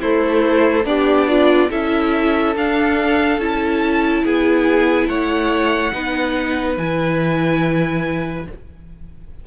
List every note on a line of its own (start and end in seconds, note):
0.00 0.85 A3
0.00 0.84 E4
0.00 0.87 A4
0.00 0.85 C5
0.84 1.69 B3
0.84 1.69 D4
0.84 1.28 G4
0.84 1.71 D5
1.28 1.70 F4
1.69 2.55 C#4
1.69 2.56 E4
1.69 4.23 A4
1.69 2.56 E5
2.55 3.38 D4
2.55 3.40 D4
2.55 3.40 F5
3.38 4.22 C#4
3.38 5.93 E4
3.38 4.24 A5
4.24 5.07 B3
4.24 5.09 G#4
4.24 5.08 G#5
5.07 5.92 A3
5.07 5.93 C#5
5.07 6.77 F#5
5.93 6.77 B3
5.93 6.77 D#4
5.93 8.47 B4
6.77 8.46 E3
6.77 8.47 E4
6.77 8.47 G#5